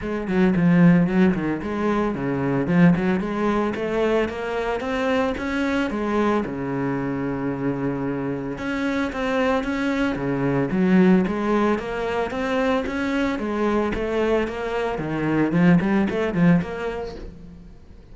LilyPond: \new Staff \with { instrumentName = "cello" } { \time 4/4 \tempo 4 = 112 gis8 fis8 f4 fis8 dis8 gis4 | cis4 f8 fis8 gis4 a4 | ais4 c'4 cis'4 gis4 | cis1 |
cis'4 c'4 cis'4 cis4 | fis4 gis4 ais4 c'4 | cis'4 gis4 a4 ais4 | dis4 f8 g8 a8 f8 ais4 | }